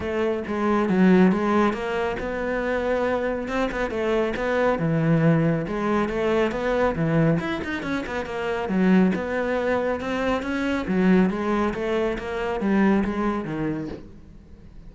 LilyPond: \new Staff \with { instrumentName = "cello" } { \time 4/4 \tempo 4 = 138 a4 gis4 fis4 gis4 | ais4 b2. | c'8 b8 a4 b4 e4~ | e4 gis4 a4 b4 |
e4 e'8 dis'8 cis'8 b8 ais4 | fis4 b2 c'4 | cis'4 fis4 gis4 a4 | ais4 g4 gis4 dis4 | }